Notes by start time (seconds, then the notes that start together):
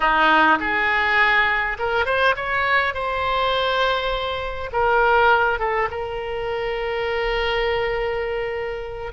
0.00 D#4
0.59 G#4
1.79 A#4
2.05 C5
2.36 C#5
2.94 C5
4.72 A#4
5.59 A4
5.91 A#4